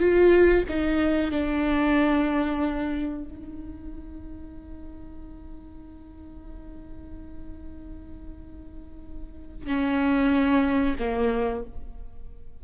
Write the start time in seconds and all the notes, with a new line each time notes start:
0.00 F4
0.69 D#4
1.31 D4
3.25 D#4
9.67 C#4
11.00 A#3